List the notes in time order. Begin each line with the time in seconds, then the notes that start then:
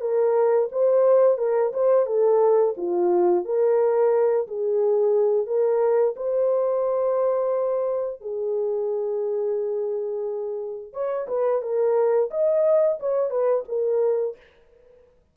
0.00 A#4
0.71 C5
1.38 A#4
1.73 C5
2.06 A4
2.77 F4
3.45 A#4
4.47 G#4
5.46 A#4
6.16 C5
8.21 G#4
10.93 C#5
11.27 B4
11.62 A#4
12.30 D#5
13.00 C#5
13.30 B4
13.68 A#4